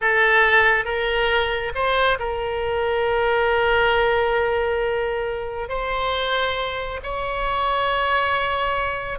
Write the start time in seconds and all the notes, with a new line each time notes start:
0.01 A4
0.84 A#4
1.74 C5
2.19 A#4
5.68 C5
7.03 C#5